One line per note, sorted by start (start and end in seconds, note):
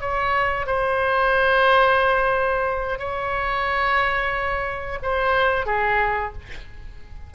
0.00 0.66 C#5
0.66 2.98 C5
2.98 4.98 C#5
5.02 5.65 C5
5.65 6.32 G#4